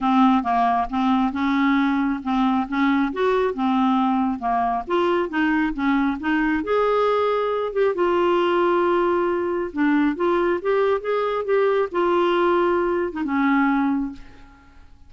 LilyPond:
\new Staff \with { instrumentName = "clarinet" } { \time 4/4 \tempo 4 = 136 c'4 ais4 c'4 cis'4~ | cis'4 c'4 cis'4 fis'4 | c'2 ais4 f'4 | dis'4 cis'4 dis'4 gis'4~ |
gis'4. g'8 f'2~ | f'2 d'4 f'4 | g'4 gis'4 g'4 f'4~ | f'4.~ f'16 dis'16 cis'2 | }